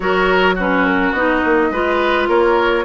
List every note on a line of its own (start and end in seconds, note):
0.00 1.12 F#3
0.00 0.55 F#4
0.00 0.55 A#4
0.00 0.56 C#5
0.55 1.16 C#4
0.55 1.69 F#4
0.55 0.85 B4
0.85 1.12 A#4
1.12 1.41 B3
1.12 1.73 D#4
1.12 2.26 D#5
1.44 1.71 A#3
1.71 2.28 G#3
1.71 2.85 F4
1.71 2.28 B4
2.28 2.85 A#3
2.28 2.85 A#4
2.28 2.85 C#5